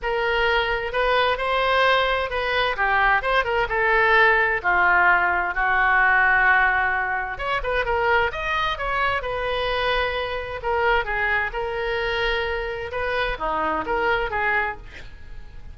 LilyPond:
\new Staff \with { instrumentName = "oboe" } { \time 4/4 \tempo 4 = 130 ais'2 b'4 c''4~ | c''4 b'4 g'4 c''8 ais'8 | a'2 f'2 | fis'1 |
cis''8 b'8 ais'4 dis''4 cis''4 | b'2. ais'4 | gis'4 ais'2. | b'4 dis'4 ais'4 gis'4 | }